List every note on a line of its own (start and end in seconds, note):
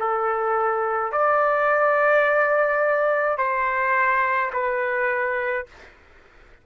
0.00 1.12 A4
1.12 3.38 D5
3.38 4.51 C5
4.53 5.66 B4